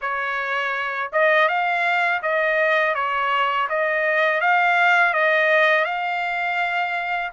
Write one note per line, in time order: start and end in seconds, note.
0.01 1.11 C#5
1.12 1.48 D#5
1.48 2.21 F5
2.22 2.94 D#5
2.94 3.68 C#5
3.69 4.41 D#5
4.41 5.13 F5
5.13 5.84 D#5
5.84 7.31 F5